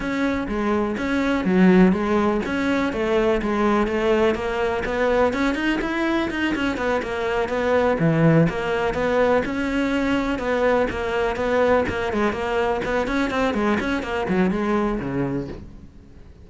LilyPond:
\new Staff \with { instrumentName = "cello" } { \time 4/4 \tempo 4 = 124 cis'4 gis4 cis'4 fis4 | gis4 cis'4 a4 gis4 | a4 ais4 b4 cis'8 dis'8 | e'4 dis'8 cis'8 b8 ais4 b8~ |
b8 e4 ais4 b4 cis'8~ | cis'4. b4 ais4 b8~ | b8 ais8 gis8 ais4 b8 cis'8 c'8 | gis8 cis'8 ais8 fis8 gis4 cis4 | }